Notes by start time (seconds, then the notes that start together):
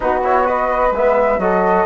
0.00 B3 D#4 F#4 B4
0.23 E4 C#5
0.43 F#4 B4 D#5
0.91 G#3 B3 E5
1.38 F#3 F#4 A4 D#5